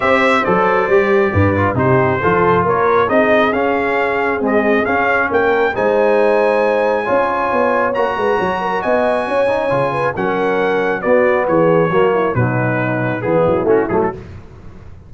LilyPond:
<<
  \new Staff \with { instrumentName = "trumpet" } { \time 4/4 \tempo 4 = 136 e''4 d''2. | c''2 cis''4 dis''4 | f''2 dis''4 f''4 | g''4 gis''2.~ |
gis''2 ais''2 | gis''2. fis''4~ | fis''4 d''4 cis''2 | b'2 gis'4 fis'8 gis'16 a'16 | }
  \new Staff \with { instrumentName = "horn" } { \time 4/4 c''2. b'4 | g'4 a'4 ais'4 gis'4~ | gis'1 | ais'4 c''2. |
cis''2~ cis''8 b'8 cis''8 ais'8 | dis''4 cis''4. b'8 ais'4~ | ais'4 fis'4 gis'4 fis'8 e'8 | dis'2 e'2 | }
  \new Staff \with { instrumentName = "trombone" } { \time 4/4 g'4 a'4 g'4. f'8 | dis'4 f'2 dis'4 | cis'2 gis4 cis'4~ | cis'4 dis'2. |
f'2 fis'2~ | fis'4. dis'8 f'4 cis'4~ | cis'4 b2 ais4 | fis2 b4 cis'8 a8 | }
  \new Staff \with { instrumentName = "tuba" } { \time 4/4 c'4 fis4 g4 g,4 | c4 f4 ais4 c'4 | cis'2 c'4 cis'4 | ais4 gis2. |
cis'4 b4 ais8 gis8 fis4 | b4 cis'4 cis4 fis4~ | fis4 b4 e4 fis4 | b,2 e8 fis8 a8 fis8 | }
>>